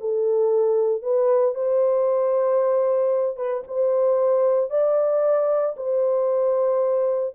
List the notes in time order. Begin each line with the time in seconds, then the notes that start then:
0.00 A4
1.02 B4
1.54 C5
3.36 B4
3.67 C5
4.70 D5
5.77 C5